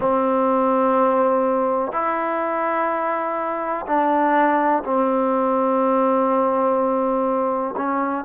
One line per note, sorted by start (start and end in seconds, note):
0.00 1.92 C4
1.92 3.85 E4
3.86 4.83 D4
4.84 7.74 C4
7.76 8.24 C#4